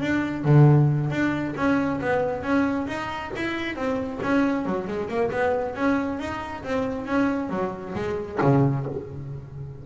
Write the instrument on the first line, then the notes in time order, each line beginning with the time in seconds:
double bass
0.00 D4
0.44 D3
1.10 D4
1.56 C#4
2.01 B3
2.42 C#4
2.87 D#4
3.35 E4
3.75 C4
4.22 C#4
4.65 F#3
4.87 G#3
5.08 A#3
5.31 B3
5.75 C#4
6.19 D#4
6.63 C4
7.06 C#4
7.49 F#3
7.94 G#3
8.41 C#3